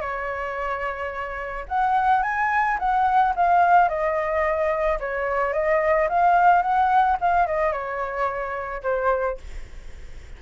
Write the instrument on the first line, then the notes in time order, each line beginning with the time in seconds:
flute
0.00 C#5
1.68 F#5
2.22 G#5
2.78 F#5
3.36 F5
3.88 D#5
5.00 C#5
5.53 D#5
6.09 F5
6.62 F#5
7.20 F5
7.46 D#5
7.72 C#5
8.82 C5